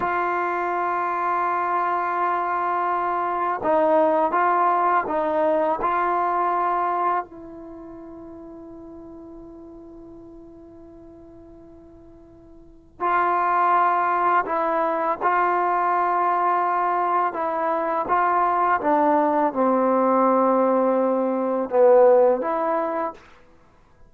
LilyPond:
\new Staff \with { instrumentName = "trombone" } { \time 4/4 \tempo 4 = 83 f'1~ | f'4 dis'4 f'4 dis'4 | f'2 e'2~ | e'1~ |
e'2 f'2 | e'4 f'2. | e'4 f'4 d'4 c'4~ | c'2 b4 e'4 | }